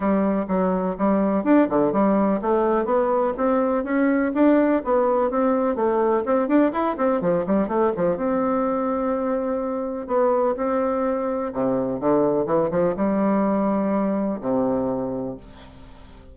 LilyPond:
\new Staff \with { instrumentName = "bassoon" } { \time 4/4 \tempo 4 = 125 g4 fis4 g4 d'8 d8 | g4 a4 b4 c'4 | cis'4 d'4 b4 c'4 | a4 c'8 d'8 e'8 c'8 f8 g8 |
a8 f8 c'2.~ | c'4 b4 c'2 | c4 d4 e8 f8 g4~ | g2 c2 | }